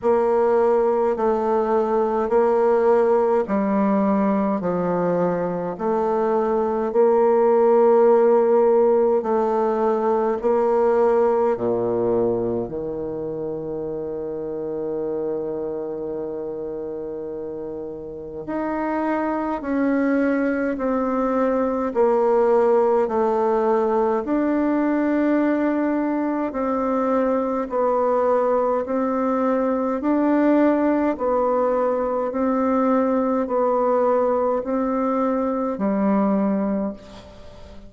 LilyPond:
\new Staff \with { instrumentName = "bassoon" } { \time 4/4 \tempo 4 = 52 ais4 a4 ais4 g4 | f4 a4 ais2 | a4 ais4 ais,4 dis4~ | dis1 |
dis'4 cis'4 c'4 ais4 | a4 d'2 c'4 | b4 c'4 d'4 b4 | c'4 b4 c'4 g4 | }